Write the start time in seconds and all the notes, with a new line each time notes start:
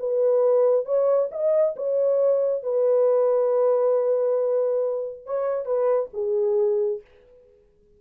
0.00 B4
0.86 C#5
1.32 D#5
1.77 C#5
2.64 B4
5.26 C#5
5.66 B4
6.14 G#4